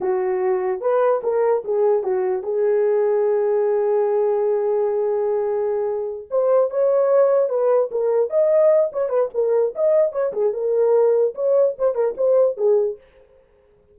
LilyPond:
\new Staff \with { instrumentName = "horn" } { \time 4/4 \tempo 4 = 148 fis'2 b'4 ais'4 | gis'4 fis'4 gis'2~ | gis'1~ | gis'2.~ gis'8 c''8~ |
c''8 cis''2 b'4 ais'8~ | ais'8 dis''4. cis''8 b'8 ais'4 | dis''4 cis''8 gis'8 ais'2 | cis''4 c''8 ais'8 c''4 gis'4 | }